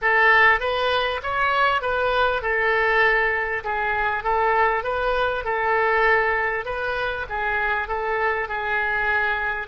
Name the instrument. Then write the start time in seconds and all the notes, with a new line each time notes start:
oboe
0.01 A4
0.60 B4
1.22 C#5
1.81 B4
2.42 A4
3.64 G#4
4.23 A4
4.83 B4
5.44 A4
6.65 B4
7.29 G#4
7.88 A4
8.48 G#4